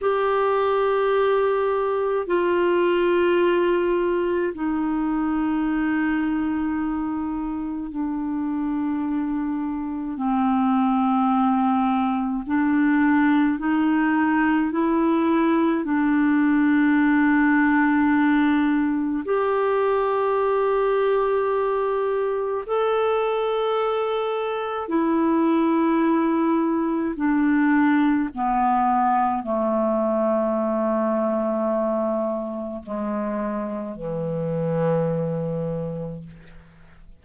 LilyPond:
\new Staff \with { instrumentName = "clarinet" } { \time 4/4 \tempo 4 = 53 g'2 f'2 | dis'2. d'4~ | d'4 c'2 d'4 | dis'4 e'4 d'2~ |
d'4 g'2. | a'2 e'2 | d'4 b4 a2~ | a4 gis4 e2 | }